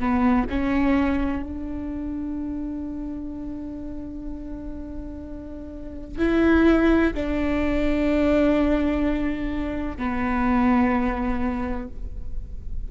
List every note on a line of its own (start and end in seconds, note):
0.00 0.48 B3
0.50 1.43 C#4
1.43 6.19 D4
6.19 7.14 E4
7.14 9.98 D4
9.98 11.88 B3